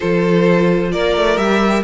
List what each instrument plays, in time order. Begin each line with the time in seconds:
0.00 cello F3, viola F4, violin A4 C5
0.92 cello A#3, violin A#4 D5
1.16 cello A3
1.37 cello G3, viola G4, violin E5